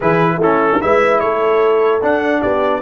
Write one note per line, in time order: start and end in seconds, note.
0.00 0.37 E3
0.00 0.41 E4
0.00 0.37 G#4
0.00 0.41 B4
0.37 0.77 A3
0.37 0.81 C#4
0.37 0.78 E4
0.37 0.81 A4
0.81 1.21 G#3
0.81 2.01 E4
0.81 1.22 B4
0.81 1.20 E5
1.20 2.02 A3
1.20 2.41 A4
1.20 2.01 C#5
2.01 2.82 D4
2.01 2.43 D4
2.01 2.42 F#5
2.41 2.82 B3
2.41 2.82 G4
2.41 2.82 D5